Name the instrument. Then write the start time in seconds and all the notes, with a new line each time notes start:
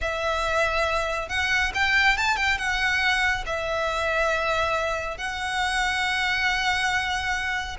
violin
0.01 E5
1.28 F#5
1.74 G5
2.17 A5
2.36 G5
2.58 F#5
3.46 E5
5.17 F#5